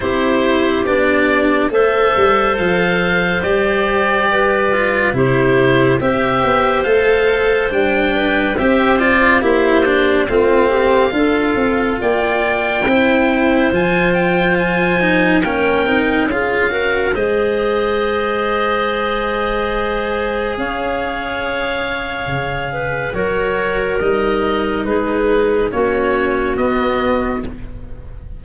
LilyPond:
<<
  \new Staff \with { instrumentName = "oboe" } { \time 4/4 \tempo 4 = 70 c''4 d''4 e''4 f''4 | d''2 c''4 e''4 | f''4 g''4 e''8 d''8 c''4 | f''2 g''2 |
gis''8 g''8 gis''4 g''4 f''4 | dis''1 | f''2. cis''4 | dis''4 b'4 cis''4 dis''4 | }
  \new Staff \with { instrumentName = "clarinet" } { \time 4/4 g'2 c''2~ | c''4 b'4 g'4 c''4~ | c''4. b'8 c''4 g'4 | f'8 g'8 a'4 d''4 c''4~ |
c''2 ais'4 gis'8 ais'8 | c''1 | cis''2~ cis''8 b'8 ais'4~ | ais'4 gis'4 fis'2 | }
  \new Staff \with { instrumentName = "cello" } { \time 4/4 e'4 d'4 a'2 | g'4. f'8 e'4 g'4 | a'4 d'4 g'8 f'8 e'8 d'8 | c'4 f'2 e'4 |
f'4. dis'8 cis'8 dis'8 f'8 fis'8 | gis'1~ | gis'2. fis'4 | dis'2 cis'4 b4 | }
  \new Staff \with { instrumentName = "tuba" } { \time 4/4 c'4 b4 a8 g8 f4 | g2 c4 c'8 b8 | a4 g4 c'4 ais4 | a4 d'8 c'8 ais4 c'4 |
f2 ais8 c'8 cis'4 | gis1 | cis'2 cis4 fis4 | g4 gis4 ais4 b4 | }
>>